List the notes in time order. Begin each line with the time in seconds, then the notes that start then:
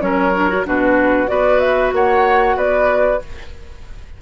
0.00 F#3 C#4 A#4 C#5
0.35 D4
0.49 F#4
0.65 B2 D4 F#4 B4
1.27 B3 F#4 B4 D5
1.60 E5
1.92 A#3 C#5 F#5
2.56 B3 B4 D5